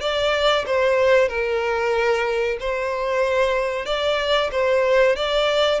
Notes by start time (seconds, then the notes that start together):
0.00 D5
0.66 C5
1.28 A#4
2.60 C5
3.85 D5
4.51 C5
5.16 D5